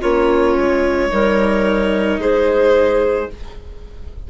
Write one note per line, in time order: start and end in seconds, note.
0.00 0.57 A#3
0.00 1.10 C#4
0.00 1.09 F4
0.00 2.20 C#5
0.57 1.11 G#3
1.10 2.18 G3
1.10 3.28 D#4
1.10 2.20 A#4
2.18 3.27 G#3
2.18 3.30 G#4
2.18 3.30 C5